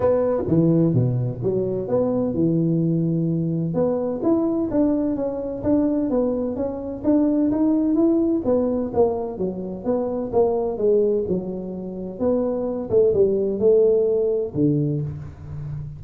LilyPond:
\new Staff \with { instrumentName = "tuba" } { \time 4/4 \tempo 4 = 128 b4 e4 b,4 fis4 | b4 e2. | b4 e'4 d'4 cis'4 | d'4 b4 cis'4 d'4 |
dis'4 e'4 b4 ais4 | fis4 b4 ais4 gis4 | fis2 b4. a8 | g4 a2 d4 | }